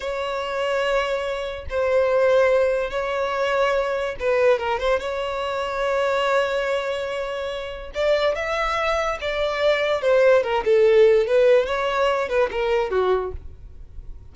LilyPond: \new Staff \with { instrumentName = "violin" } { \time 4/4 \tempo 4 = 144 cis''1 | c''2. cis''4~ | cis''2 b'4 ais'8 c''8 | cis''1~ |
cis''2. d''4 | e''2 d''2 | c''4 ais'8 a'4. b'4 | cis''4. b'8 ais'4 fis'4 | }